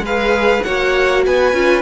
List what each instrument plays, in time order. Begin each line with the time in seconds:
0.00 cello G#3, violin B4 F5
0.07 viola G#4
0.63 cello A#3, viola F#4, violin C#5 F#5
1.26 cello B3, violin B4 G#5
1.53 cello C#4, viola F4